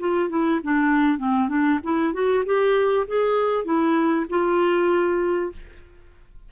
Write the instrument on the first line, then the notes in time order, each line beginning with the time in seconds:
clarinet
0.00 F4
0.30 E4
0.64 D4
1.19 C4
1.49 D4
1.84 E4
2.14 F#4
2.46 G4
3.08 G#4
3.65 E4
4.30 F4